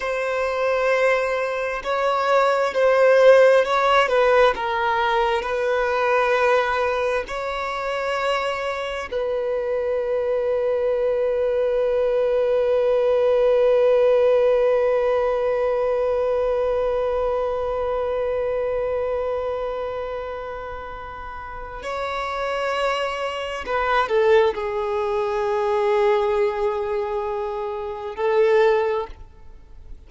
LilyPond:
\new Staff \with { instrumentName = "violin" } { \time 4/4 \tempo 4 = 66 c''2 cis''4 c''4 | cis''8 b'8 ais'4 b'2 | cis''2 b'2~ | b'1~ |
b'1~ | b'1 | cis''2 b'8 a'8 gis'4~ | gis'2. a'4 | }